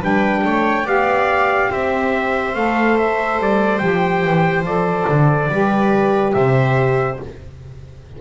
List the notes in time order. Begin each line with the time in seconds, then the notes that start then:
0.00 G3 D4 B4 G5
0.44 A3 C#5
0.84 B3 G4 D5 F5
1.71 C4 C5 E5
2.54 A3 A4 F5
2.98 E5
3.39 G3 D5
3.79 F3 G4 G5
4.24 E3
4.62 F3 A4 D5
5.09 D3
5.49 G3 G4 B4
6.33 C3 C5 E5